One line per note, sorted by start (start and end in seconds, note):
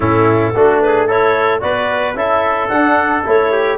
0.00 0.53 A2
0.00 0.54 C#4
0.00 0.54 E4
0.00 0.80 A4
0.54 1.62 A3
0.54 1.08 D4
0.54 0.83 F#4
0.80 1.07 G#4
0.80 1.07 B4
1.07 1.60 E4
1.07 1.61 A4
1.07 1.60 C#5
1.60 2.15 B3
1.60 2.14 F#4
1.60 2.17 B4
1.60 2.15 D5
2.15 2.69 C#4
2.15 2.69 E4
2.15 3.51 A4
2.15 2.68 E5
2.68 3.23 D4
2.68 3.24 D4
2.68 3.22 F#5
3.24 3.78 A3
3.24 3.78 E4
3.24 3.78 C#5
3.51 3.78 G4